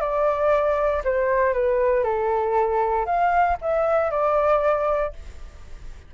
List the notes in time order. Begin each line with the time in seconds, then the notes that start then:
0.00 D5
1.04 C5
1.53 B4
2.03 A4
3.06 F5
3.61 E5
4.10 D5